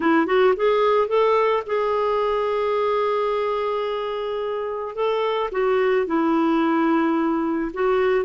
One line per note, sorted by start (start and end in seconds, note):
0.00 0.26 E4
0.26 0.54 F#4
0.56 1.08 G#4
1.08 1.63 A4
1.66 4.95 G#4
4.95 5.50 A4
5.51 6.06 F#4
6.06 7.71 E4
7.73 8.25 F#4